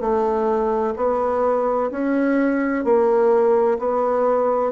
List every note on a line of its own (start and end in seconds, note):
0.00 0.94 A3
0.96 1.90 B3
1.91 2.84 C#4
2.84 3.78 A#3
3.79 4.71 B3